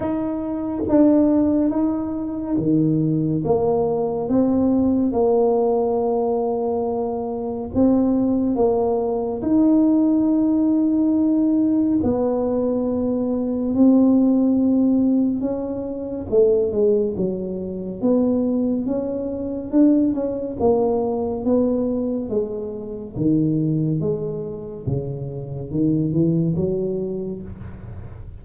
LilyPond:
\new Staff \with { instrumentName = "tuba" } { \time 4/4 \tempo 4 = 70 dis'4 d'4 dis'4 dis4 | ais4 c'4 ais2~ | ais4 c'4 ais4 dis'4~ | dis'2 b2 |
c'2 cis'4 a8 gis8 | fis4 b4 cis'4 d'8 cis'8 | ais4 b4 gis4 dis4 | gis4 cis4 dis8 e8 fis4 | }